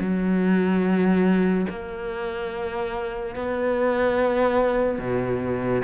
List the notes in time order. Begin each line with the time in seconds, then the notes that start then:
0.00 F#3
1.70 A#3
3.36 B3
4.99 B2